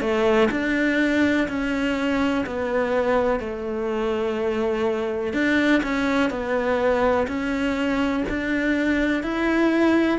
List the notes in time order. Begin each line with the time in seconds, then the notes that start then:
0.00 A3
0.51 D4
1.48 C#4
2.46 B3
3.39 A3
5.33 D4
5.82 C#4
6.29 B3
7.27 C#4
8.28 D4
9.23 E4